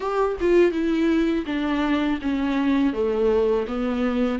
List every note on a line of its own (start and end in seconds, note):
0.00 0.37 G4
0.40 0.72 F4
0.72 1.45 E4
1.46 2.19 D4
2.21 2.93 C#4
2.93 3.66 A3
3.67 4.39 B3